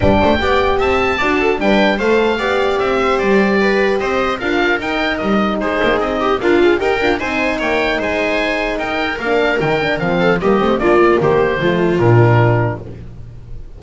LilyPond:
<<
  \new Staff \with { instrumentName = "oboe" } { \time 4/4 \tempo 4 = 150 g''2 a''2 | g''4 f''2 e''4 | d''2 dis''4 f''4 | g''4 dis''4 c''4 dis''4 |
f''4 g''4 gis''4 g''4 | gis''2 g''4 f''4 | g''4 f''4 dis''4 d''4 | c''2 ais'2 | }
  \new Staff \with { instrumentName = "viola" } { \time 4/4 b'8 c''8 d''4 e''4 d''8 a'8 | b'4 c''4 d''4. c''8~ | c''4 b'4 c''4 ais'4~ | ais'2 gis'4. g'8 |
f'4 ais'4 c''4 cis''4 | c''2 ais'2~ | ais'4. a'8 g'4 f'4 | g'4 f'2. | }
  \new Staff \with { instrumentName = "horn" } { \time 4/4 d'4 g'2 fis'4 | d'4 a'4 g'2~ | g'2. f'4 | dis'1 |
ais'8 gis'8 g'8 f'8 dis'2~ | dis'2. d'4 | dis'8 d'8 c'4 ais8 c'8 d'8 ais8~ | ais4 a4 d'2 | }
  \new Staff \with { instrumentName = "double bass" } { \time 4/4 g8 a8 b4 c'4 d'4 | g4 a4 b4 c'4 | g2 c'4 d'4 | dis'4 g4 gis8 ais8 c'4 |
d'4 dis'8 d'8 c'4 ais4 | gis2 dis'4 ais4 | dis4 f4 g8 a8 ais4 | dis4 f4 ais,2 | }
>>